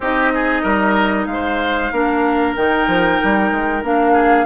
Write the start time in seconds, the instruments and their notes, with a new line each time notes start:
0.00 bassoon C4, clarinet D#4, oboe G4, flute D#5
0.34 oboe G#4
0.62 bassoon G3, oboe A#4
1.26 bassoon G#3, flute F5
1.32 oboe C5
1.92 bassoon A#3, clarinet D4, oboe A#4
2.55 bassoon D#3, clarinet D#4, flute G5
2.87 bassoon F3
3.23 bassoon G3
3.51 bassoon G#3
3.82 bassoon A#3, clarinet D4, flute F5
4.13 oboe G#4